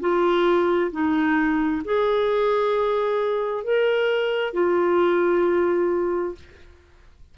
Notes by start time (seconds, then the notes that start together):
0.00 F4
0.91 D#4
1.84 G#4
3.64 A#4
4.53 F4